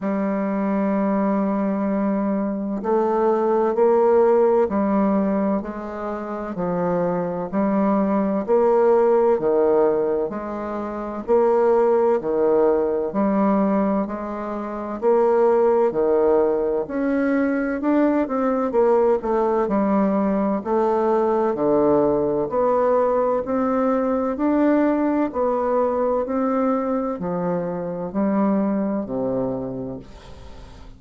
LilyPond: \new Staff \with { instrumentName = "bassoon" } { \time 4/4 \tempo 4 = 64 g2. a4 | ais4 g4 gis4 f4 | g4 ais4 dis4 gis4 | ais4 dis4 g4 gis4 |
ais4 dis4 cis'4 d'8 c'8 | ais8 a8 g4 a4 d4 | b4 c'4 d'4 b4 | c'4 f4 g4 c4 | }